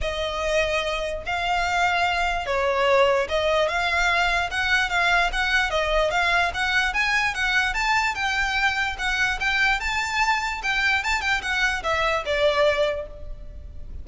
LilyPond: \new Staff \with { instrumentName = "violin" } { \time 4/4 \tempo 4 = 147 dis''2. f''4~ | f''2 cis''2 | dis''4 f''2 fis''4 | f''4 fis''4 dis''4 f''4 |
fis''4 gis''4 fis''4 a''4 | g''2 fis''4 g''4 | a''2 g''4 a''8 g''8 | fis''4 e''4 d''2 | }